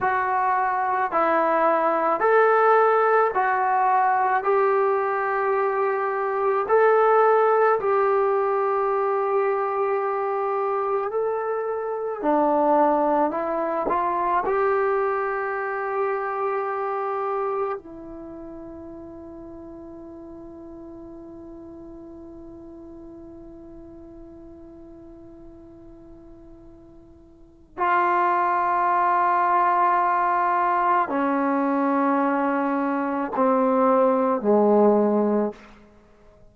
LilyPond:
\new Staff \with { instrumentName = "trombone" } { \time 4/4 \tempo 4 = 54 fis'4 e'4 a'4 fis'4 | g'2 a'4 g'4~ | g'2 a'4 d'4 | e'8 f'8 g'2. |
e'1~ | e'1~ | e'4 f'2. | cis'2 c'4 gis4 | }